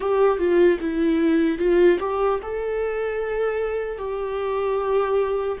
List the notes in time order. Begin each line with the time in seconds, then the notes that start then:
0.00 G4
0.38 F4
0.80 E4
1.58 F4
1.99 G4
2.42 A4
3.98 G4